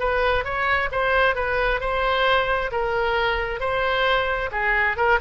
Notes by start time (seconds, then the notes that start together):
0.00 B4
0.45 C#5
0.92 C5
1.36 B4
1.81 C5
2.72 A#4
3.60 C5
4.52 G#4
4.97 A#4